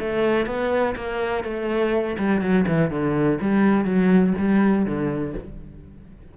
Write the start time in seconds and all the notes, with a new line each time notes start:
0.00 A3
0.46 B3
0.96 A#3
1.44 A3
2.18 G3
2.41 F#3
2.67 E3
2.90 D3
3.41 G3
3.84 F#3
4.38 G3
4.86 D3